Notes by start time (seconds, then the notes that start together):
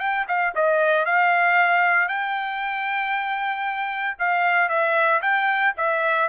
0.00 G5
0.28 F5
0.55 D#5
1.06 F5
2.09 G5
4.19 F5
4.69 E5
5.22 G5
5.77 E5